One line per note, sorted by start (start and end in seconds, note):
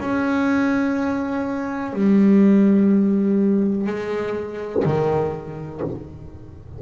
0.00 1.93 C#4
1.93 3.87 G3
3.87 4.83 G#3
4.84 5.81 D#3